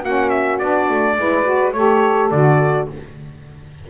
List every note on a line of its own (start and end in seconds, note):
0.00 0.61 A#3
0.00 0.60 C#4
0.00 1.14 F#4
0.00 0.30 F#5
0.30 0.58 E5
0.59 0.90 B3
0.59 1.17 D4
0.59 1.72 D5
0.90 1.18 A3
1.18 1.74 G#3
1.18 1.45 E4
1.18 1.74 B4
1.45 1.73 F#4
1.72 2.31 A3
1.72 2.32 G4
1.72 2.89 A4
1.72 2.30 C#5
2.31 2.88 D3
2.31 2.90 F#4
2.31 2.88 D5